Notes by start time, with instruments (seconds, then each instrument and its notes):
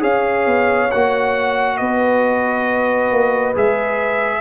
0.00 tuba C#4, trombone G#4, horn C#5, trumpet F5
0.46 tuba B3
0.91 tuba A#3, trombone F#4, trumpet F#5
1.77 tuba B3, horn B4, trumpet D#5
3.11 tuba A#3
3.54 tuba G#3, trombone G#4, trumpet E5